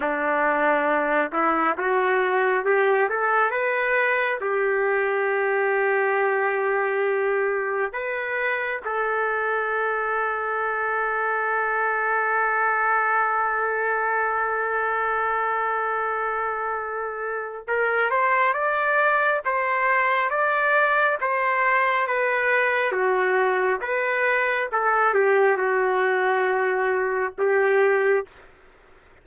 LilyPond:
\new Staff \with { instrumentName = "trumpet" } { \time 4/4 \tempo 4 = 68 d'4. e'8 fis'4 g'8 a'8 | b'4 g'2.~ | g'4 b'4 a'2~ | a'1~ |
a'1 | ais'8 c''8 d''4 c''4 d''4 | c''4 b'4 fis'4 b'4 | a'8 g'8 fis'2 g'4 | }